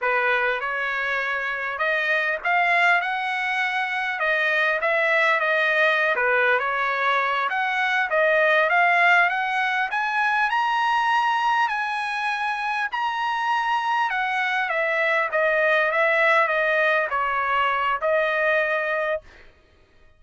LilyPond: \new Staff \with { instrumentName = "trumpet" } { \time 4/4 \tempo 4 = 100 b'4 cis''2 dis''4 | f''4 fis''2 dis''4 | e''4 dis''4~ dis''16 b'8. cis''4~ | cis''8 fis''4 dis''4 f''4 fis''8~ |
fis''8 gis''4 ais''2 gis''8~ | gis''4. ais''2 fis''8~ | fis''8 e''4 dis''4 e''4 dis''8~ | dis''8 cis''4. dis''2 | }